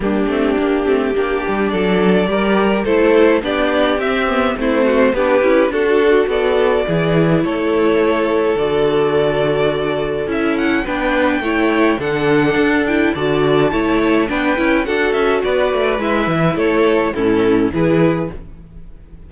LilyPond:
<<
  \new Staff \with { instrumentName = "violin" } { \time 4/4 \tempo 4 = 105 g'2. d''4~ | d''4 c''4 d''4 e''4 | c''4 b'4 a'4 d''4~ | d''4 cis''2 d''4~ |
d''2 e''8 fis''8 g''4~ | g''4 fis''4. g''8 a''4~ | a''4 g''4 fis''8 e''8 d''4 | e''4 cis''4 a'4 b'4 | }
  \new Staff \with { instrumentName = "violin" } { \time 4/4 d'2 g'4 a'4 | ais'4 a'4 g'2 | e'8 fis'8 g'4 fis'4 a'4 | gis'4 a'2.~ |
a'2. b'4 | cis''4 a'2 d''4 | cis''4 b'4 a'4 b'4~ | b'4 a'4 e'4 gis'4 | }
  \new Staff \with { instrumentName = "viola" } { \time 4/4 ais8 c'8 d'8 c'8 d'2 | g'4 e'4 d'4 c'8 b8 | c'4 d'8 e'8 fis'2 | e'2. fis'4~ |
fis'2 e'4 d'4 | e'4 d'4. e'8 fis'4 | e'4 d'8 e'8 fis'2 | e'2 cis'4 e'4 | }
  \new Staff \with { instrumentName = "cello" } { \time 4/4 g8 a8 ais8 a8 ais8 g8 fis4 | g4 a4 b4 c'4 | a4 b8 cis'8 d'4 b4 | e4 a2 d4~ |
d2 cis'4 b4 | a4 d4 d'4 d4 | a4 b8 cis'8 d'8 cis'8 b8 a8 | gis8 e8 a4 a,4 e4 | }
>>